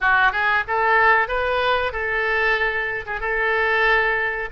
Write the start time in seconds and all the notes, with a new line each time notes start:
0.00 F#4
0.31 G#4
0.67 A4
1.28 B4
1.92 A4
3.06 G#4
3.20 A4